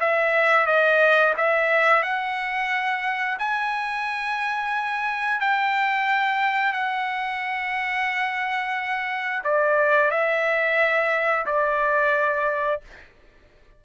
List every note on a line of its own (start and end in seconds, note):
0.00 0.66 E5
0.66 1.34 D#5
1.37 2.03 E5
2.03 3.38 F#5
3.39 5.41 G#5
5.41 6.73 G5
6.73 9.43 F#5
9.44 10.11 D5
10.11 11.46 E5
11.46 12.81 D5